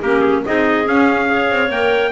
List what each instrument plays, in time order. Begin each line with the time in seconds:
0.00 double bass A#3, clarinet C#4 G4, trumpet A#4
0.20 trumpet G#4
0.45 double bass C4, clarinet D#4 G#4, trumpet D#5
0.84 clarinet C#4, double bass C#4, trumpet F5
1.26 clarinet G#4 C#5
1.50 double bass C4
1.70 double bass A#3, clarinet A#4, trumpet G5